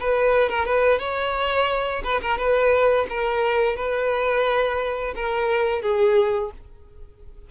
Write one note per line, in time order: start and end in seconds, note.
0.00 0.49 B4
0.49 0.65 A#4
0.65 0.99 B4
0.99 2.02 C#5
2.04 2.21 B4
2.21 2.38 A#4
2.38 3.07 B4
3.09 3.76 A#4
3.76 5.14 B4
5.15 5.82 A#4
5.82 6.50 G#4